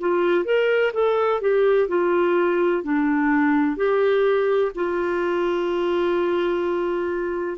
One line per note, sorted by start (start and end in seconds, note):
0.00 0.45 F4
0.45 0.92 A#4
0.94 1.41 A4
1.41 1.89 G4
1.89 2.84 F4
2.84 3.77 D4
3.77 4.72 G4
4.75 7.58 F4